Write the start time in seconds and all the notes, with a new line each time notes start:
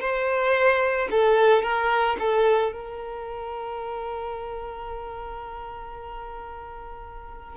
0.00 C5
1.10 A4
1.62 A#4
2.19 A4
2.72 A#4